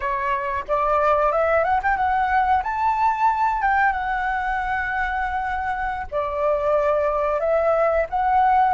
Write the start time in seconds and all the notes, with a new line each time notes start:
0.00 C#5
0.67 D5
1.32 E5
1.64 F#5
1.83 G5
1.96 F#5
2.63 A5
3.62 G5
3.92 F#5
6.11 D5
7.40 E5
8.09 F#5